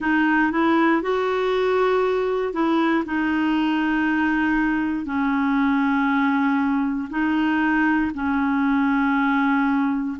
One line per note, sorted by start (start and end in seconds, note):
0.00 0.51 D#4
0.51 1.02 E4
1.02 2.53 F#4
2.53 3.04 E4
3.05 5.05 D#4
5.05 7.09 C#4
7.10 8.11 D#4
8.14 10.17 C#4